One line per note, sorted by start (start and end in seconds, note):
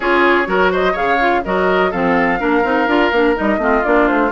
0.00 0.47 C#4
0.00 0.46 F4
0.00 0.48 G#4
0.00 0.72 C#5
0.46 0.95 F#3
0.46 0.94 F#4
0.46 0.71 A#4
0.71 0.92 C5
0.71 0.96 D#5
0.92 1.45 C#3
0.92 1.19 G#4
0.92 1.40 C#5
0.92 1.44 F5
1.19 1.43 F4
1.44 1.93 F#3
1.44 1.92 F#4
1.44 1.90 A#4
1.44 1.91 D#5
1.90 2.41 F3
1.90 2.38 C4
1.90 2.38 A4
1.90 3.35 F5
2.38 2.64 A#3
2.38 2.62 D4
2.38 3.60 A#4
2.64 2.87 C4
2.64 2.88 D#4
2.87 3.11 D4
2.87 3.12 F4
3.11 3.35 A#3
3.11 3.35 D4
3.35 3.58 G3
3.35 3.59 D#4
3.35 3.84 D#5
3.58 3.81 A3
3.58 3.83 C4
3.58 4.31 F4
3.84 4.10 A#3
3.84 4.31 D4
3.84 4.07 D5
4.07 4.31 A3
4.07 4.31 C5